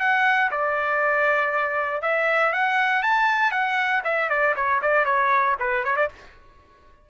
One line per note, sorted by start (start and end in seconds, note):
0.00 0.51 F#5
0.52 2.02 D5
2.02 2.53 E5
2.53 3.03 F#5
3.03 3.52 A5
3.52 4.03 F#5
4.05 4.30 E5
4.30 4.55 D5
4.56 4.82 C#5
4.82 5.06 D5
5.06 5.57 C#5
5.60 5.85 B4
5.85 5.97 C#5
5.97 6.09 D5